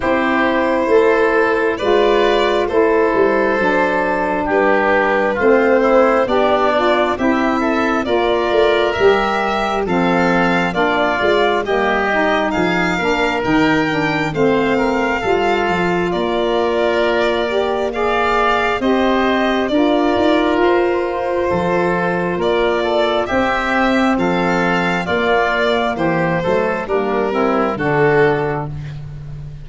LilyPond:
<<
  \new Staff \with { instrumentName = "violin" } { \time 4/4 \tempo 4 = 67 c''2 d''4 c''4~ | c''4 b'4 c''4 d''4 | e''4 d''4 e''4 f''4 | d''4 dis''4 f''4 g''4 |
f''2 d''2 | f''4 dis''4 d''4 c''4~ | c''4 d''4 e''4 f''4 | d''4 c''4 ais'4 a'4 | }
  \new Staff \with { instrumentName = "oboe" } { \time 4/4 g'4 a'4 b'4 a'4~ | a'4 g'4 f'8 e'8 d'4 | g'8 a'8 ais'2 a'4 | f'4 g'4 gis'8 ais'4. |
c''8 ais'8 a'4 ais'2 | d''4 c''4 ais'2 | a'4 ais'8 a'8 g'4 a'4 | f'4 g'8 a'8 d'8 e'8 fis'4 | }
  \new Staff \with { instrumentName = "saxophone" } { \time 4/4 e'2 f'4 e'4 | d'2 c'4 g'8 f'8 | e'4 f'4 g'4 c'4 | d'8 f'8 ais8 dis'4 d'8 dis'8 d'8 |
c'4 f'2~ f'8 g'8 | gis'4 g'4 f'2~ | f'2 c'2 | ais4. a8 ais8 c'8 d'4 | }
  \new Staff \with { instrumentName = "tuba" } { \time 4/4 c'4 a4 gis4 a8 g8 | fis4 g4 a4 b4 | c'4 ais8 a8 g4 f4 | ais8 gis8 g4 f8 ais8 dis4 |
a4 g8 f8 ais2~ | ais4 c'4 d'8 dis'8 f'4 | f4 ais4 c'4 f4 | ais4 e8 fis8 g4 d4 | }
>>